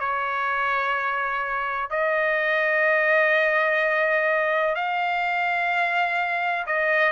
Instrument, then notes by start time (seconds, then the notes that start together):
trumpet
0.00 C#5
1.90 D#5
4.76 F5
6.67 D#5